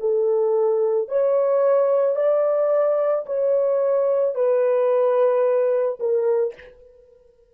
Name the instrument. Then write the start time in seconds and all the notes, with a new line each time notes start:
horn
0.00 A4
1.09 C#5
2.16 D5
3.26 C#5
4.35 B4
6.00 A#4